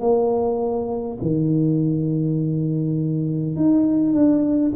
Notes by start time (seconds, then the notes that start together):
0.00 A#3
1.21 D#3
3.56 D#4
4.13 D4